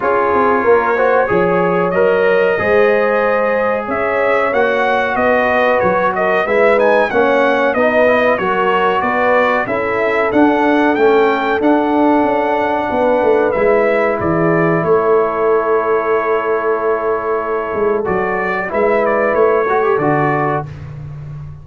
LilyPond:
<<
  \new Staff \with { instrumentName = "trumpet" } { \time 4/4 \tempo 4 = 93 cis''2. dis''4~ | dis''2 e''4 fis''4 | dis''4 cis''8 dis''8 e''8 gis''8 fis''4 | dis''4 cis''4 d''4 e''4 |
fis''4 g''4 fis''2~ | fis''4 e''4 d''4 cis''4~ | cis''1 | d''4 e''8 d''8 cis''4 d''4 | }
  \new Staff \with { instrumentName = "horn" } { \time 4/4 gis'4 ais'8 c''8 cis''2 | c''2 cis''2 | b'4. ais'8 b'4 cis''4 | b'4 ais'4 b'4 a'4~ |
a'1 | b'2 gis'4 a'4~ | a'1~ | a'4 b'4. a'4. | }
  \new Staff \with { instrumentName = "trombone" } { \time 4/4 f'4. fis'8 gis'4 ais'4 | gis'2. fis'4~ | fis'2 e'8 dis'8 cis'4 | dis'8 e'8 fis'2 e'4 |
d'4 cis'4 d'2~ | d'4 e'2.~ | e'1 | fis'4 e'4. fis'16 g'16 fis'4 | }
  \new Staff \with { instrumentName = "tuba" } { \time 4/4 cis'8 c'8 ais4 f4 fis4 | gis2 cis'4 ais4 | b4 fis4 gis4 ais4 | b4 fis4 b4 cis'4 |
d'4 a4 d'4 cis'4 | b8 a8 gis4 e4 a4~ | a2.~ a8 gis8 | fis4 gis4 a4 d4 | }
>>